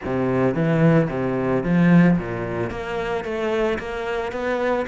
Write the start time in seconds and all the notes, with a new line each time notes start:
0.05 C3
0.54 E3
1.09 C3
1.63 F3
2.17 A#2
2.70 A#3
3.24 A3
3.78 A#3
4.31 B3